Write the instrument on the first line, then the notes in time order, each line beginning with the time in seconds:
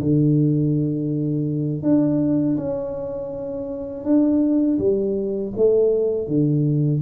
tuba
0.00 D3
1.83 D4
2.57 C#4
4.04 D4
4.79 G3
5.57 A3
6.28 D3